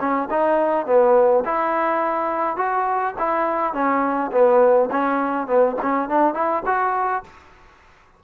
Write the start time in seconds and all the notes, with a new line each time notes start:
0.00 C#4
0.30 D#4
0.86 B3
1.45 E4
2.57 F#4
3.19 E4
3.74 C#4
4.32 B3
4.91 C#4
5.47 B3
5.82 C#4
6.09 D4
6.34 E4
6.66 F#4